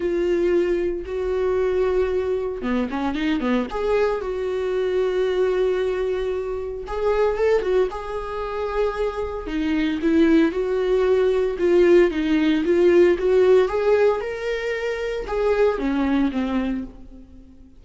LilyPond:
\new Staff \with { instrumentName = "viola" } { \time 4/4 \tempo 4 = 114 f'2 fis'2~ | fis'4 b8 cis'8 dis'8 b8 gis'4 | fis'1~ | fis'4 gis'4 a'8 fis'8 gis'4~ |
gis'2 dis'4 e'4 | fis'2 f'4 dis'4 | f'4 fis'4 gis'4 ais'4~ | ais'4 gis'4 cis'4 c'4 | }